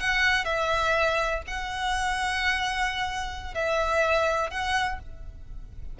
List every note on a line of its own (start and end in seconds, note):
0.00 0.45 F#5
0.45 1.42 E5
1.47 3.54 F#5
3.54 4.50 E5
4.50 4.99 F#5